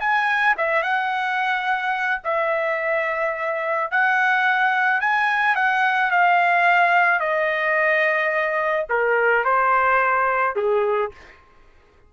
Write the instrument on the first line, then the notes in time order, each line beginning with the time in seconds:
trumpet
0.00 G#5
0.57 E5
0.83 F#5
2.24 E5
3.91 F#5
5.01 G#5
5.55 F#5
6.11 F5
7.20 D#5
8.89 A#4
9.44 C5
10.56 G#4